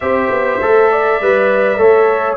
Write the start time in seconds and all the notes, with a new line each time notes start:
0.00 C4 G4 C5 E5
0.29 B3
0.61 A3 A4
0.91 D5
1.21 G3 B4
1.77 A3 A4 C#5